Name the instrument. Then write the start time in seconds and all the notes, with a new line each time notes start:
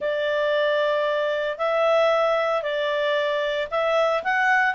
clarinet
0.00 D5
1.58 E5
2.62 D5
3.70 E5
4.23 F#5